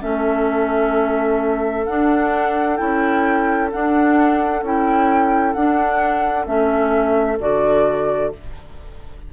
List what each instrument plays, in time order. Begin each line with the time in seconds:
0.00 bassoon A3, clarinet C#4, oboe A4, flute E5
1.86 bassoon D4, clarinet D4, flute F#5
2.77 bassoon C#4, clarinet E4, flute G5
3.72 clarinet D4, bassoon D4, flute F#5
4.62 bassoon C#4, clarinet E4, flute G5
5.53 clarinet D4, bassoon D4, flute F#5
6.45 bassoon A3, clarinet C#4, flute E5
7.39 bassoon D3, clarinet F#4, flute D5